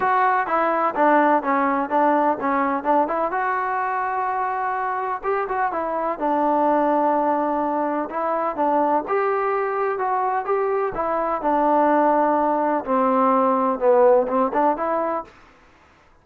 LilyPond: \new Staff \with { instrumentName = "trombone" } { \time 4/4 \tempo 4 = 126 fis'4 e'4 d'4 cis'4 | d'4 cis'4 d'8 e'8 fis'4~ | fis'2. g'8 fis'8 | e'4 d'2.~ |
d'4 e'4 d'4 g'4~ | g'4 fis'4 g'4 e'4 | d'2. c'4~ | c'4 b4 c'8 d'8 e'4 | }